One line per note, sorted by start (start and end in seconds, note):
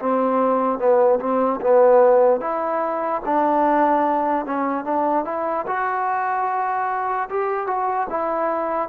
0.00 0.79 C4
0.79 1.20 B3
1.20 1.60 C4
1.61 2.41 B3
2.41 3.22 E4
3.25 4.46 D4
4.46 4.85 C#4
4.85 5.25 D4
5.25 5.66 E4
5.67 7.29 F#4
7.30 7.67 G4
7.67 8.07 F#4
8.10 8.89 E4